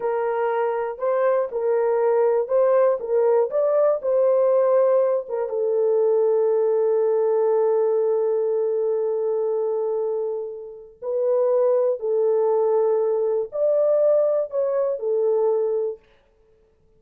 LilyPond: \new Staff \with { instrumentName = "horn" } { \time 4/4 \tempo 4 = 120 ais'2 c''4 ais'4~ | ais'4 c''4 ais'4 d''4 | c''2~ c''8 ais'8 a'4~ | a'1~ |
a'1~ | a'2 b'2 | a'2. d''4~ | d''4 cis''4 a'2 | }